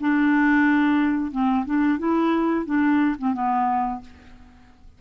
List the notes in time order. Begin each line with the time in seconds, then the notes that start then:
0.00 D4
1.31 C4
1.66 D4
1.99 E4
2.66 D4
3.18 C4
3.34 B3